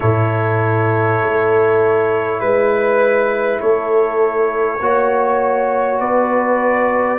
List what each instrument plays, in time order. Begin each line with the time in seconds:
0.00 tuba A2, trombone E4, horn A4, trumpet C#5
1.22 tuba A3
2.40 tuba G#3, trumpet B4, horn B4
3.60 tuba A3, horn A4, trumpet C#5
4.80 tuba A#3, trombone F#4, horn C#5
5.99 tuba B3, horn B4, trumpet D5